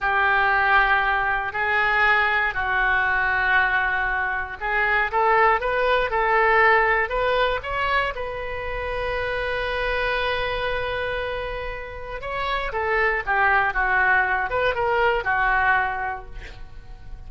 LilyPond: \new Staff \with { instrumentName = "oboe" } { \time 4/4 \tempo 4 = 118 g'2. gis'4~ | gis'4 fis'2.~ | fis'4 gis'4 a'4 b'4 | a'2 b'4 cis''4 |
b'1~ | b'1 | cis''4 a'4 g'4 fis'4~ | fis'8 b'8 ais'4 fis'2 | }